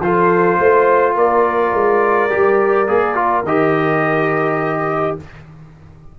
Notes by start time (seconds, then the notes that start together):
0.00 F3 F4 A4 C5
0.59 A3 C5
1.15 A#3 A#4 D5
1.72 G#3
2.30 G3 G4
2.87 A#3 G#4
3.15 F4
3.43 D#3 G4 D#5